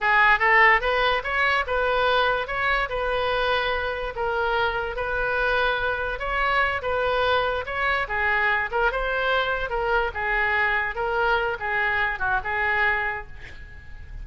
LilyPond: \new Staff \with { instrumentName = "oboe" } { \time 4/4 \tempo 4 = 145 gis'4 a'4 b'4 cis''4 | b'2 cis''4 b'4~ | b'2 ais'2 | b'2. cis''4~ |
cis''8 b'2 cis''4 gis'8~ | gis'4 ais'8 c''2 ais'8~ | ais'8 gis'2 ais'4. | gis'4. fis'8 gis'2 | }